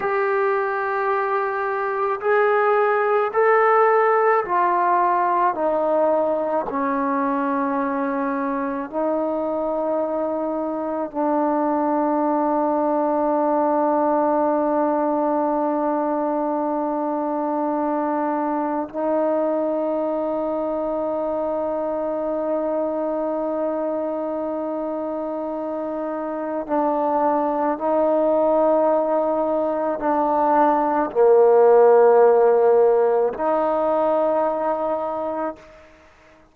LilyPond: \new Staff \with { instrumentName = "trombone" } { \time 4/4 \tempo 4 = 54 g'2 gis'4 a'4 | f'4 dis'4 cis'2 | dis'2 d'2~ | d'1~ |
d'4 dis'2.~ | dis'1 | d'4 dis'2 d'4 | ais2 dis'2 | }